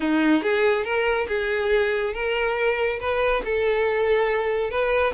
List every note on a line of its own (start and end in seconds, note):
0.00 0.42 D#4
0.42 0.84 G#4
0.84 1.27 A#4
1.28 2.13 G#4
2.13 2.99 A#4
3.00 3.43 B4
3.45 4.70 A4
4.70 5.13 B4